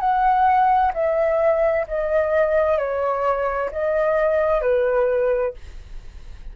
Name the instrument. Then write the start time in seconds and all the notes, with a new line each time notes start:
flute
0.00 F#5
0.94 E5
1.88 D#5
2.78 C#5
3.72 D#5
4.62 B4